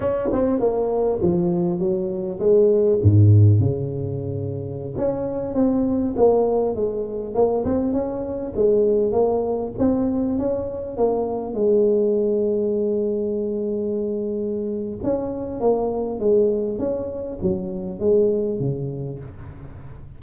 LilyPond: \new Staff \with { instrumentName = "tuba" } { \time 4/4 \tempo 4 = 100 cis'8 c'8 ais4 f4 fis4 | gis4 gis,4 cis2~ | cis16 cis'4 c'4 ais4 gis8.~ | gis16 ais8 c'8 cis'4 gis4 ais8.~ |
ais16 c'4 cis'4 ais4 gis8.~ | gis1~ | gis4 cis'4 ais4 gis4 | cis'4 fis4 gis4 cis4 | }